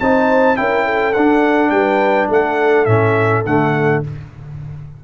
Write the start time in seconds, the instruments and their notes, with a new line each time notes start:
0.00 tuba C4, trombone D#4, horn C5, trumpet A5
0.56 tuba C#4, trombone E4, horn A#4, trumpet G5
0.85 horn A4
1.13 tuba D4, trombone D4, trumpet F#5
1.70 tuba G3, horn B4, trumpet G5
2.29 tuba A3, horn A4, trumpet F#5
2.85 tuba A2, trombone C#4, trumpet E5
3.46 tuba D3, trombone A3, trumpet F#5